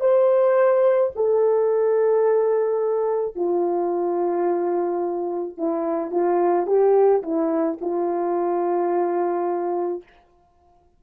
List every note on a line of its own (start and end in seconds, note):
0.00 1.11 C5
1.15 3.35 A4
3.35 5.57 F4
5.57 6.11 E4
6.11 6.67 F4
6.67 7.22 G4
7.23 7.78 E4
7.81 10.03 F4